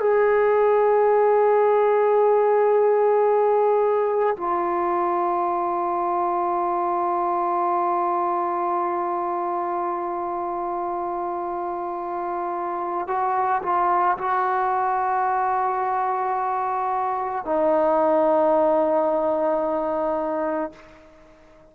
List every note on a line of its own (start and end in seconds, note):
0.00 4.36 G#4
4.37 13.07 F4
13.07 13.62 F#4
13.63 14.17 F4
14.18 17.45 F#4
17.45 20.72 D#4